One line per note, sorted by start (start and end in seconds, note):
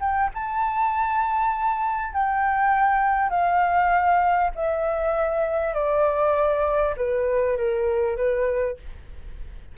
0.00 0.30 G5
0.35 2.13 A5
2.13 3.30 G5
3.30 4.52 F5
4.55 5.74 E5
5.74 6.95 D5
6.97 7.57 B4
7.57 8.17 A#4
8.17 8.77 B4